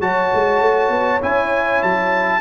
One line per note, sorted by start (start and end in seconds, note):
0.00 0.30 F#3
0.00 1.21 F#4
0.00 2.40 C#5
0.00 1.21 A5
0.34 0.60 G#3
0.60 0.89 A3
0.89 1.19 B3
1.22 1.82 C#4
1.22 2.40 E4
1.22 1.83 G#5
1.82 2.40 F#3
1.82 2.40 A5